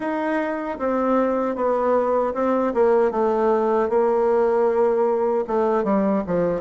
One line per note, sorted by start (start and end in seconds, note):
0.00 0.78 D#4
0.78 1.55 C4
1.55 2.33 B3
2.34 2.73 C4
2.73 3.11 A#3
3.11 3.89 A3
3.89 5.44 A#3
5.47 5.84 A3
5.84 6.23 G3
6.27 6.61 F3